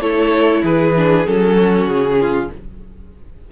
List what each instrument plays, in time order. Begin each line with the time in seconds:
0.00 cello A3, viola E4, violin A4 C#5
0.63 cello E3, violin G#4 B4
0.96 viola D4
1.26 cello F#3, viola C#4, violin A4
1.56 violin F#4
1.87 cello C#3, violin G#4
2.21 violin F4